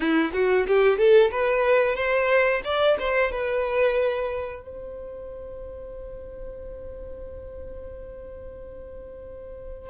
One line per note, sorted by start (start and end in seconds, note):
0.00 0.30 E4
0.33 0.66 F#4
0.67 0.97 G4
0.97 1.30 A4
1.31 1.95 B4
1.95 2.61 C5
2.64 2.97 D5
2.99 3.31 C5
3.31 4.62 B4
4.62 9.89 C5